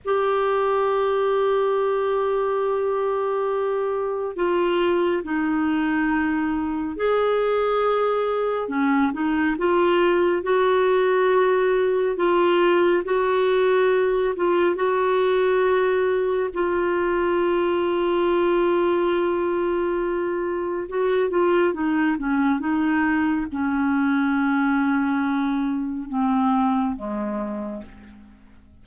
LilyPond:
\new Staff \with { instrumentName = "clarinet" } { \time 4/4 \tempo 4 = 69 g'1~ | g'4 f'4 dis'2 | gis'2 cis'8 dis'8 f'4 | fis'2 f'4 fis'4~ |
fis'8 f'8 fis'2 f'4~ | f'1 | fis'8 f'8 dis'8 cis'8 dis'4 cis'4~ | cis'2 c'4 gis4 | }